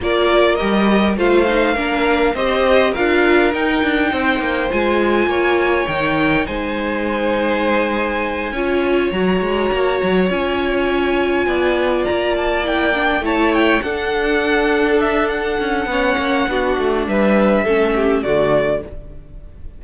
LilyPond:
<<
  \new Staff \with { instrumentName = "violin" } { \time 4/4 \tempo 4 = 102 d''4 dis''4 f''2 | dis''4 f''4 g''2 | gis''2 g''4 gis''4~ | gis''2.~ gis''8 ais''8~ |
ais''4. gis''2~ gis''8~ | gis''8 ais''8 a''8 g''4 a''8 g''8 fis''8~ | fis''4. e''8 fis''2~ | fis''4 e''2 d''4 | }
  \new Staff \with { instrumentName = "violin" } { \time 4/4 ais'2 c''4 ais'4 | c''4 ais'2 c''4~ | c''4 cis''2 c''4~ | c''2~ c''8 cis''4.~ |
cis''2.~ cis''8 d''8~ | d''2~ d''8 cis''4 a'8~ | a'2. cis''4 | fis'4 b'4 a'8 g'8 fis'4 | }
  \new Staff \with { instrumentName = "viola" } { \time 4/4 f'4 g'4 f'8 dis'8 d'4 | g'4 f'4 dis'2 | f'2 dis'2~ | dis'2~ dis'8 f'4 fis'8~ |
fis'4. f'2~ f'8~ | f'4. e'8 d'8 e'4 d'8~ | d'2. cis'4 | d'2 cis'4 a4 | }
  \new Staff \with { instrumentName = "cello" } { \time 4/4 ais4 g4 a4 ais4 | c'4 d'4 dis'8 d'8 c'8 ais8 | gis4 ais4 dis4 gis4~ | gis2~ gis8 cis'4 fis8 |
gis8 ais8 fis8 cis'2 b8~ | b8 ais2 a4 d'8~ | d'2~ d'8 cis'8 b8 ais8 | b8 a8 g4 a4 d4 | }
>>